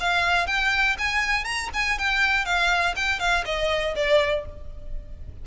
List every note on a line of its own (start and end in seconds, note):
0.00 0.47 F5
0.47 0.96 G5
0.99 1.45 G#5
1.45 1.69 A#5
1.74 1.99 G#5
1.99 2.45 G5
2.45 2.95 F5
2.96 3.20 G5
3.20 3.45 F5
3.46 3.95 D#5
3.96 4.46 D5